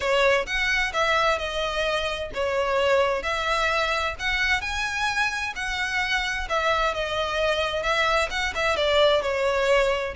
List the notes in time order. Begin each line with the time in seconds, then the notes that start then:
0.00 C#5
0.46 F#5
0.93 E5
1.38 D#5
2.34 C#5
3.22 E5
4.19 F#5
4.61 G#5
5.55 F#5
6.49 E5
6.94 D#5
7.82 E5
8.30 F#5
8.54 E5
8.76 D5
9.22 C#5